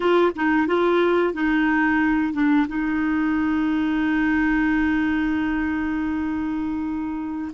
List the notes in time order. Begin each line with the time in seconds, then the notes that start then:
0.00 F4
0.35 D#4
0.67 F4
1.33 D#4
2.33 D4
2.68 D#4